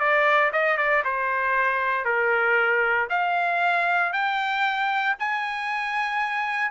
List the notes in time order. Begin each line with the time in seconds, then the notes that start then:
0.00 D5
0.53 D#5
0.78 D5
1.05 C5
2.05 A#4
3.10 F5
4.13 G5
5.20 G#5